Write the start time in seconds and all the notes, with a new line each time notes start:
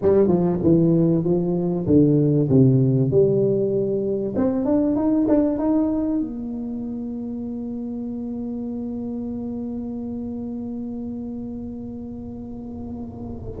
0.02 G3
0.27 F3
0.62 E3
1.24 F3
1.87 D3
2.49 C3
3.10 G3
4.36 C4
4.65 D4
4.95 D#4
5.27 D4
5.58 D#4
6.20 A#3